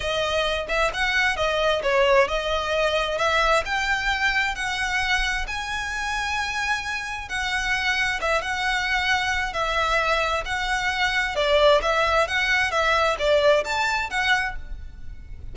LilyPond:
\new Staff \with { instrumentName = "violin" } { \time 4/4 \tempo 4 = 132 dis''4. e''8 fis''4 dis''4 | cis''4 dis''2 e''4 | g''2 fis''2 | gis''1 |
fis''2 e''8 fis''4.~ | fis''4 e''2 fis''4~ | fis''4 d''4 e''4 fis''4 | e''4 d''4 a''4 fis''4 | }